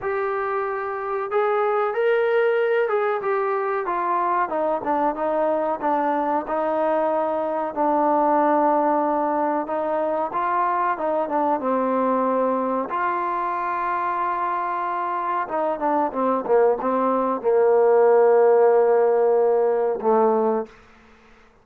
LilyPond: \new Staff \with { instrumentName = "trombone" } { \time 4/4 \tempo 4 = 93 g'2 gis'4 ais'4~ | ais'8 gis'8 g'4 f'4 dis'8 d'8 | dis'4 d'4 dis'2 | d'2. dis'4 |
f'4 dis'8 d'8 c'2 | f'1 | dis'8 d'8 c'8 ais8 c'4 ais4~ | ais2. a4 | }